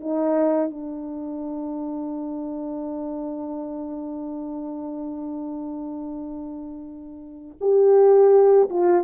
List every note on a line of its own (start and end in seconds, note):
0.00 0.70 D#4
0.70 7.57 D4
7.61 8.69 G4
8.69 9.04 F4